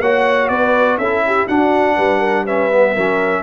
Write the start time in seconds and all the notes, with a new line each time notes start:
0.00 A#3 F#4 C#5 F#5
0.48 B3 B4 D5
0.97 C#4 E4 A4 E5
1.26 G4
1.46 D4 F#4 F#5
1.96 G3 B4
2.19 A#4
2.44 C#4 B4 E5
2.71 B3
2.93 F#3 C#4 A#4